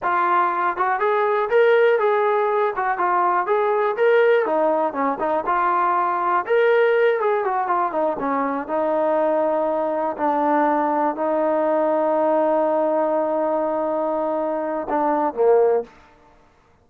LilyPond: \new Staff \with { instrumentName = "trombone" } { \time 4/4 \tempo 4 = 121 f'4. fis'8 gis'4 ais'4 | gis'4. fis'8 f'4 gis'4 | ais'4 dis'4 cis'8 dis'8 f'4~ | f'4 ais'4. gis'8 fis'8 f'8 |
dis'8 cis'4 dis'2~ dis'8~ | dis'8 d'2 dis'4.~ | dis'1~ | dis'2 d'4 ais4 | }